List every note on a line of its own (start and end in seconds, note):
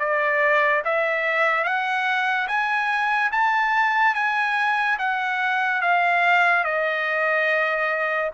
0.00 0.83 D5
0.85 1.64 E5
1.64 2.48 F#5
2.48 3.32 G#5
3.32 4.15 A5
4.15 4.98 G#5
4.99 5.82 F#5
5.82 6.64 F5
6.64 8.31 D#5